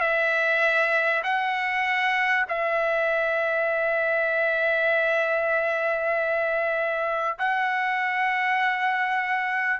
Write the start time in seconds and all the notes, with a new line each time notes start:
0.00 E5
1.23 F#5
2.48 E5
7.39 F#5